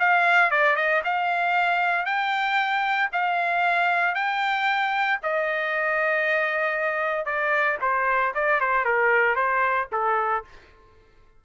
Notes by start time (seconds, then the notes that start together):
0.00 F5
0.51 D5
0.76 D#5
1.05 F5
2.06 G5
3.13 F5
4.15 G5
5.23 D#5
7.26 D5
7.82 C5
8.35 D5
8.61 C5
8.85 A#4
9.36 C5
9.92 A4